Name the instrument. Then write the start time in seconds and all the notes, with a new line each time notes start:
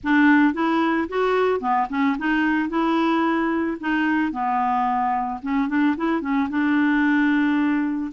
clarinet
0.03 D4
0.53 E4
1.08 F#4
1.60 B3
1.89 C#4
2.18 D#4
2.69 E4
3.80 D#4
4.32 B3
5.42 C#4
5.68 D4
5.96 E4
6.21 C#4
6.49 D4